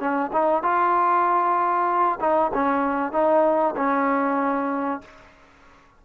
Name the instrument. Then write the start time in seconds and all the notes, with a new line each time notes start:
trombone
0.00 C#4
0.33 D#4
0.63 F4
2.20 D#4
2.54 C#4
3.12 D#4
3.77 C#4